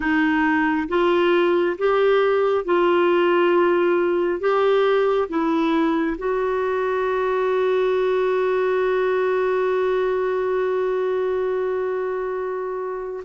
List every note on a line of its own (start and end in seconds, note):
0.00 0.87 D#4
0.88 1.76 F4
1.78 2.65 G4
2.65 4.40 F4
4.40 5.28 G4
5.28 6.16 E4
6.18 13.24 F#4